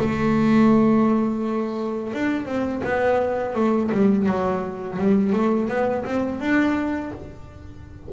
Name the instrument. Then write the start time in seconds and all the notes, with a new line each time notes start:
double bass
0.00 A3
2.14 D4
2.46 C4
2.84 B3
3.56 A3
3.92 G3
4.27 F#3
4.99 G3
5.33 A3
5.69 B3
6.06 C4
6.41 D4